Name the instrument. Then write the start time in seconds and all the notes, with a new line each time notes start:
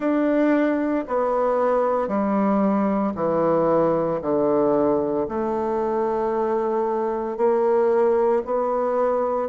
bassoon
0.00 D4
1.07 B3
2.08 G3
3.15 E3
4.21 D3
5.28 A3
7.37 A#3
8.45 B3